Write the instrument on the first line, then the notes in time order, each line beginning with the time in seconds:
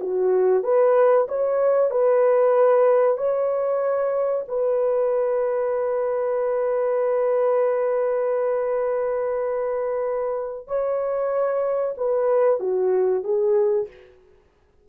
horn
0.00 F#4
0.63 B4
1.28 C#5
1.91 B4
3.17 C#5
4.48 B4
10.67 C#5
11.97 B4
12.60 F#4
13.24 G#4